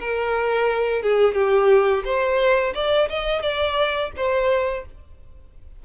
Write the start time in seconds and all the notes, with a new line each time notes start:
0.00 A#4
1.02 G#4
1.34 G4
2.05 C5
2.74 D5
3.09 D#5
3.42 D5
4.16 C5